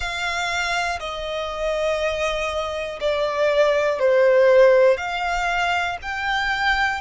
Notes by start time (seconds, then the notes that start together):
0.00 F5
0.99 D#5
3.00 D5
3.99 C5
4.97 F5
6.01 G5